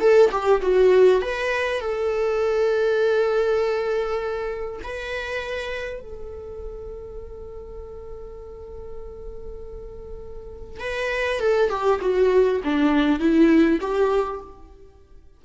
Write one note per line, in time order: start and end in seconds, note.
0.00 0.30 A4
0.31 0.61 G4
0.62 1.22 F#4
1.22 1.81 B4
1.81 4.81 A4
4.84 6.01 B4
6.01 10.80 A4
10.80 11.40 B4
11.40 11.70 A4
11.70 12.00 G4
12.01 12.61 F#4
12.64 13.19 D4
13.19 13.79 E4
13.81 14.41 G4